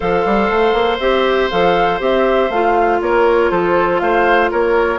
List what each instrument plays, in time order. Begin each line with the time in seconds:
0.00 bassoon F3, clarinet A4, oboe C5, flute F5
0.25 bassoon G3
0.50 bassoon A3
0.73 bassoon A#3
0.99 bassoon C4, clarinet G4, flute E5
1.49 bassoon F3, clarinet A4, flute F5
1.99 bassoon C4, clarinet G4, flute E5
2.49 bassoon A3, clarinet F4, flute F5
3.00 bassoon A#3, oboe A#4, flute C#5
3.50 bassoon F3, oboe A4, flute C5
3.99 bassoon A3, oboe C5, flute F5
4.50 bassoon A#3, oboe A#4, flute C#5